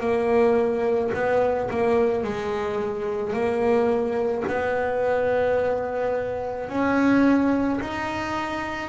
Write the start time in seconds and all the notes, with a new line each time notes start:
0.00 A#3
1.14 B3
1.71 A#3
2.24 G#3
3.33 A#3
4.47 B3
6.69 C#4
7.81 D#4